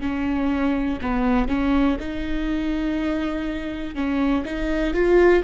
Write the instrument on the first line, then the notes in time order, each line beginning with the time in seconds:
viola
0.00 C#4
1.01 B3
1.48 C#4
1.99 D#4
3.95 C#4
4.45 D#4
4.94 F4